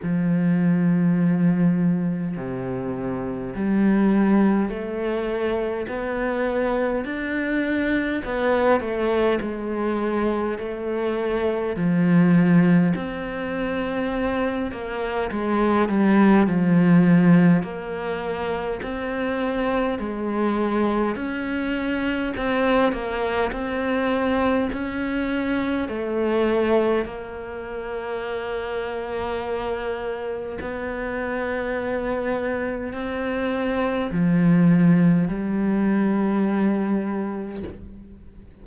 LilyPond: \new Staff \with { instrumentName = "cello" } { \time 4/4 \tempo 4 = 51 f2 c4 g4 | a4 b4 d'4 b8 a8 | gis4 a4 f4 c'4~ | c'8 ais8 gis8 g8 f4 ais4 |
c'4 gis4 cis'4 c'8 ais8 | c'4 cis'4 a4 ais4~ | ais2 b2 | c'4 f4 g2 | }